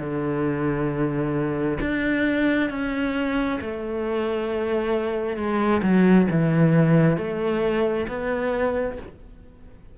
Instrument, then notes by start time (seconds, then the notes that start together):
cello
0.00 D3
1.81 D4
2.70 C#4
3.61 A3
5.37 G#3
5.83 F#3
6.31 E3
7.18 A3
8.08 B3